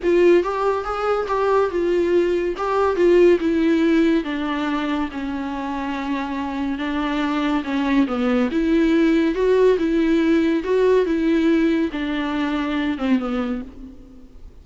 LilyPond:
\new Staff \with { instrumentName = "viola" } { \time 4/4 \tempo 4 = 141 f'4 g'4 gis'4 g'4 | f'2 g'4 f'4 | e'2 d'2 | cis'1 |
d'2 cis'4 b4 | e'2 fis'4 e'4~ | e'4 fis'4 e'2 | d'2~ d'8 c'8 b4 | }